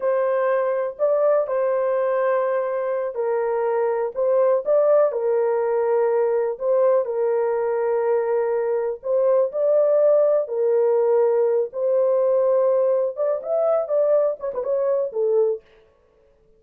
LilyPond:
\new Staff \with { instrumentName = "horn" } { \time 4/4 \tempo 4 = 123 c''2 d''4 c''4~ | c''2~ c''8 ais'4.~ | ais'8 c''4 d''4 ais'4.~ | ais'4. c''4 ais'4.~ |
ais'2~ ais'8 c''4 d''8~ | d''4. ais'2~ ais'8 | c''2. d''8 e''8~ | e''8 d''4 cis''16 b'16 cis''4 a'4 | }